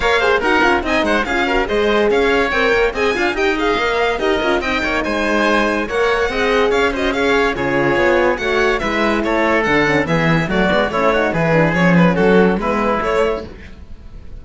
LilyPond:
<<
  \new Staff \with { instrumentName = "violin" } { \time 4/4 \tempo 4 = 143 f''4 fis''4 gis''8 fis''8 f''4 | dis''4 f''4 g''4 gis''4 | g''8 f''4. dis''4 g''4 | gis''2 fis''2 |
f''8 dis''8 f''4 cis''2 | fis''4 e''4 cis''4 fis''4 | e''4 d''4 cis''4 b'4 | cis''8 b'8 a'4 b'4 cis''4 | }
  \new Staff \with { instrumentName = "oboe" } { \time 4/4 cis''8 c''8 ais'4 dis''8 c''8 gis'8 ais'8 | c''4 cis''2 dis''8 f''8 | dis''2 ais'4 dis''8 cis''8 | c''2 cis''4 dis''4 |
cis''8 c''8 cis''4 gis'2 | cis''4 b'4 a'2 | gis'4 fis'4 e'8 fis'8 gis'4~ | gis'4 fis'4 e'2 | }
  \new Staff \with { instrumentName = "horn" } { \time 4/4 ais'8 gis'8 fis'8 f'8 dis'4 f'8 fis'8 | gis'2 ais'4 gis'8 f'8 | g'8 gis'8 ais'4 g'8 f'8 dis'4~ | dis'2 ais'4 gis'4~ |
gis'8 fis'8 gis'4 f'2 | fis'4 e'2 d'8 cis'8 | b4 a8 b8 cis'8 dis'8 e'8 d'8 | cis'2 b4 a4 | }
  \new Staff \with { instrumentName = "cello" } { \time 4/4 ais4 dis'8 cis'8 c'8 gis8 cis'4 | gis4 cis'4 c'8 ais8 c'8 d'8 | dis'4 ais4 dis'8 cis'8 c'8 ais8 | gis2 ais4 c'4 |
cis'2 cis4 b4 | a4 gis4 a4 d4 | e4 fis8 gis8 a4 e4 | f4 fis4 gis4 a4 | }
>>